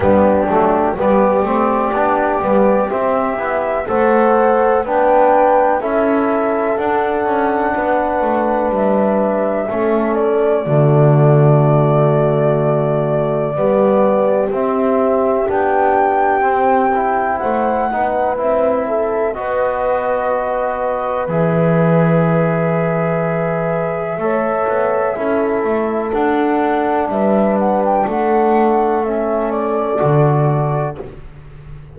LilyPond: <<
  \new Staff \with { instrumentName = "flute" } { \time 4/4 \tempo 4 = 62 g'4 d''2 e''4 | fis''4 g''4 e''4 fis''4~ | fis''4 e''4. d''4.~ | d''2. e''4 |
g''2 fis''4 e''4 | dis''2 e''2~ | e''2. fis''4 | e''8 fis''16 g''16 fis''4 e''8 d''4. | }
  \new Staff \with { instrumentName = "horn" } { \time 4/4 d'4 g'2. | c''4 b'4 a'2 | b'2 a'4 fis'4~ | fis'2 g'2~ |
g'2 c''8 b'4 a'8 | b'1~ | b'4 cis''4 a'2 | b'4 a'2. | }
  \new Staff \with { instrumentName = "trombone" } { \time 4/4 b8 a8 b8 c'8 d'8 b8 c'8 e'8 | a'4 d'4 e'4 d'4~ | d'2 cis'4 a4~ | a2 b4 c'4 |
d'4 c'8 e'4 dis'8 e'4 | fis'2 gis'2~ | gis'4 a'4 e'4 d'4~ | d'2 cis'4 fis'4 | }
  \new Staff \with { instrumentName = "double bass" } { \time 4/4 g8 fis8 g8 a8 b8 g8 c'8 b8 | a4 b4 cis'4 d'8 cis'8 | b8 a8 g4 a4 d4~ | d2 g4 c'4 |
b4 c'4 a8 b8 c'4 | b2 e2~ | e4 a8 b8 cis'8 a8 d'4 | g4 a2 d4 | }
>>